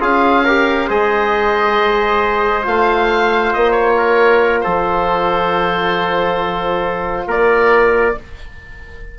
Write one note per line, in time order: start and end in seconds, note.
0.00 0.89 C#4
0.00 0.44 F4
0.00 0.44 G#4
0.00 0.90 F5
0.44 0.89 G4
0.44 0.87 A#4
0.87 2.66 G#3
0.87 2.63 G#4
0.87 3.96 C5
0.87 2.66 D#5
2.63 3.54 A3
2.63 8.14 F4
2.63 3.53 F5
3.53 4.65 A#3
3.53 3.71 D#5
3.71 4.60 C#5
3.97 4.63 A#4
4.60 7.26 F3
4.60 7.27 A4
4.60 7.25 C5
7.26 8.15 A#3
7.26 8.16 A#4
7.26 8.19 D5